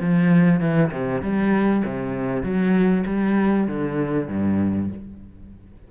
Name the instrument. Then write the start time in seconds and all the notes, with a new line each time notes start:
cello
0.00 F3
0.60 E3
0.92 C3
1.22 G3
1.85 C3
2.43 F#3
3.06 G3
3.67 D3
4.28 G2